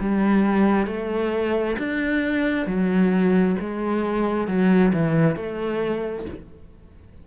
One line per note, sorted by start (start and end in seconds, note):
0.00 0.87 G3
0.87 1.76 A3
1.78 2.66 D4
2.66 3.56 F#3
3.60 4.48 G#3
4.48 4.93 F#3
4.93 5.36 E3
5.36 6.26 A3